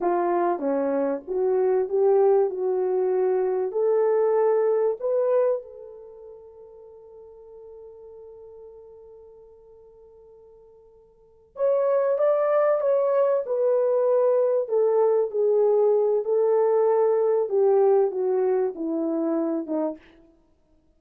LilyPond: \new Staff \with { instrumentName = "horn" } { \time 4/4 \tempo 4 = 96 f'4 cis'4 fis'4 g'4 | fis'2 a'2 | b'4 a'2.~ | a'1~ |
a'2~ a'8 cis''4 d''8~ | d''8 cis''4 b'2 a'8~ | a'8 gis'4. a'2 | g'4 fis'4 e'4. dis'8 | }